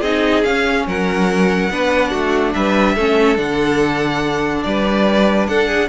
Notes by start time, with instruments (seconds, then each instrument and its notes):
0.00 cello C4, viola D#4, violin G#4 D#5
0.43 viola C#4, cello C#4, violin F5
0.87 cello F#3, violin A#4 F#5
1.70 cello B3, viola D4, violin B4
2.10 cello A3, violin F#4
2.53 cello G3, violin B4 E5
2.94 cello A3, viola C#4, violin A4
3.36 cello D3, viola D4, violin F#5
4.62 cello G3, violin B4 D5
5.47 cello D4, violin A4 F#5
5.67 violin G#4